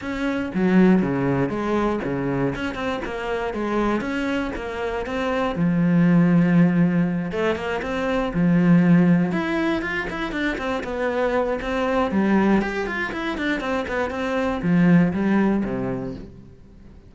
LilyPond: \new Staff \with { instrumentName = "cello" } { \time 4/4 \tempo 4 = 119 cis'4 fis4 cis4 gis4 | cis4 cis'8 c'8 ais4 gis4 | cis'4 ais4 c'4 f4~ | f2~ f8 a8 ais8 c'8~ |
c'8 f2 e'4 f'8 | e'8 d'8 c'8 b4. c'4 | g4 g'8 f'8 e'8 d'8 c'8 b8 | c'4 f4 g4 c4 | }